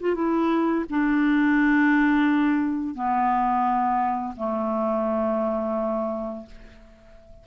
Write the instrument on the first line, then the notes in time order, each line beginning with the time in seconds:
clarinet
0.00 F4
0.15 E4
0.89 D4
2.95 B3
4.36 A3